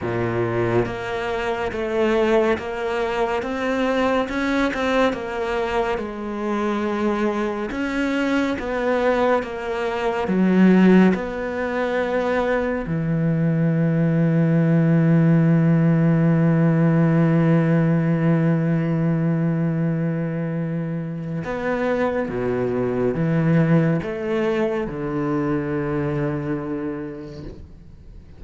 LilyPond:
\new Staff \with { instrumentName = "cello" } { \time 4/4 \tempo 4 = 70 ais,4 ais4 a4 ais4 | c'4 cis'8 c'8 ais4 gis4~ | gis4 cis'4 b4 ais4 | fis4 b2 e4~ |
e1~ | e1~ | e4 b4 b,4 e4 | a4 d2. | }